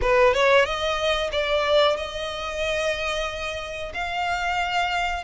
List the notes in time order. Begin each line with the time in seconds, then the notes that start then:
0.01 B4
0.33 C#5
0.65 D#5
1.32 D5
1.96 D#5
3.93 F5